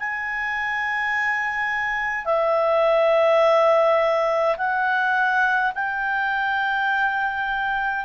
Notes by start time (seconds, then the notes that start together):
0.00 G#5
2.25 E5
4.57 F#5
5.75 G5